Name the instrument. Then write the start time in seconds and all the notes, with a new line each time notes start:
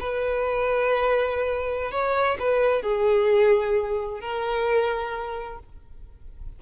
violin
0.00 B4
1.92 C#5
2.40 B4
2.82 G#4
4.21 A#4